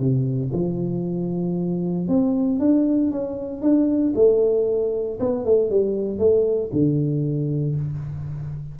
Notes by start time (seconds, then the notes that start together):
0.00 C3
0.54 F3
2.09 C4
2.60 D4
3.12 C#4
3.62 D4
4.16 A3
5.20 B3
5.45 A3
5.71 G3
6.19 A3
6.73 D3